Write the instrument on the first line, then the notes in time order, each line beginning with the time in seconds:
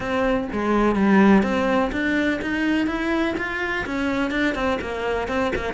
cello
0.00 C4
0.52 G#3
0.95 G3
1.42 C4
1.92 D4
2.41 D#4
2.86 E4
3.37 F4
3.85 C#4
4.30 D4
4.54 C4
4.81 A#3
5.28 C4
5.55 A#3